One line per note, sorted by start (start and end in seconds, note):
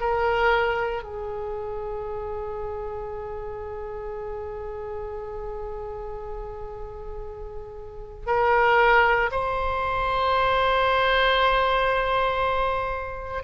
0.00 1.03 A#4
1.03 8.27 G#4
8.27 9.30 A#4
9.32 13.44 C5